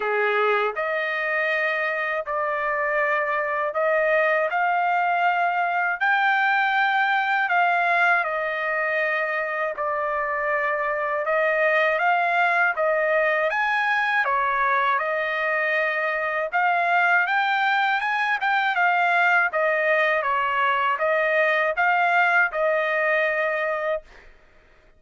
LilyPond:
\new Staff \with { instrumentName = "trumpet" } { \time 4/4 \tempo 4 = 80 gis'4 dis''2 d''4~ | d''4 dis''4 f''2 | g''2 f''4 dis''4~ | dis''4 d''2 dis''4 |
f''4 dis''4 gis''4 cis''4 | dis''2 f''4 g''4 | gis''8 g''8 f''4 dis''4 cis''4 | dis''4 f''4 dis''2 | }